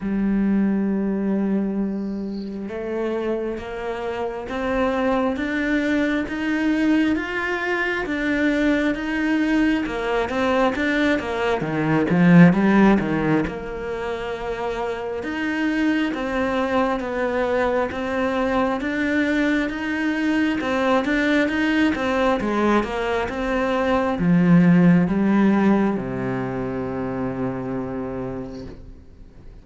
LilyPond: \new Staff \with { instrumentName = "cello" } { \time 4/4 \tempo 4 = 67 g2. a4 | ais4 c'4 d'4 dis'4 | f'4 d'4 dis'4 ais8 c'8 | d'8 ais8 dis8 f8 g8 dis8 ais4~ |
ais4 dis'4 c'4 b4 | c'4 d'4 dis'4 c'8 d'8 | dis'8 c'8 gis8 ais8 c'4 f4 | g4 c2. | }